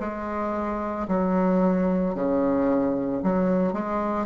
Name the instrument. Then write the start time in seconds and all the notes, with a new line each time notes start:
bassoon
0.00 G#3
1.08 F#3
2.15 C#3
3.23 F#3
3.73 G#3